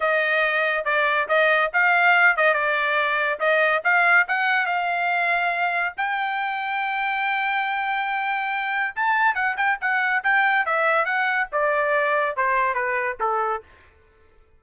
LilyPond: \new Staff \with { instrumentName = "trumpet" } { \time 4/4 \tempo 4 = 141 dis''2 d''4 dis''4 | f''4. dis''8 d''2 | dis''4 f''4 fis''4 f''4~ | f''2 g''2~ |
g''1~ | g''4 a''4 fis''8 g''8 fis''4 | g''4 e''4 fis''4 d''4~ | d''4 c''4 b'4 a'4 | }